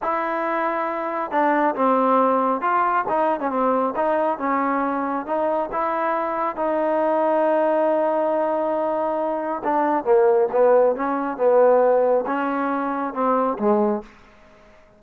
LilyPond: \new Staff \with { instrumentName = "trombone" } { \time 4/4 \tempo 4 = 137 e'2. d'4 | c'2 f'4 dis'8. cis'16 | c'4 dis'4 cis'2 | dis'4 e'2 dis'4~ |
dis'1~ | dis'2 d'4 ais4 | b4 cis'4 b2 | cis'2 c'4 gis4 | }